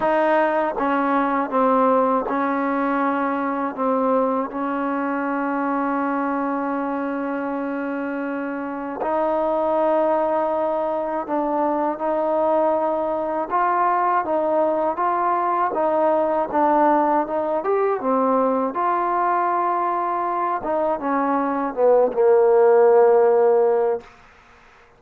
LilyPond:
\new Staff \with { instrumentName = "trombone" } { \time 4/4 \tempo 4 = 80 dis'4 cis'4 c'4 cis'4~ | cis'4 c'4 cis'2~ | cis'1 | dis'2. d'4 |
dis'2 f'4 dis'4 | f'4 dis'4 d'4 dis'8 g'8 | c'4 f'2~ f'8 dis'8 | cis'4 b8 ais2~ ais8 | }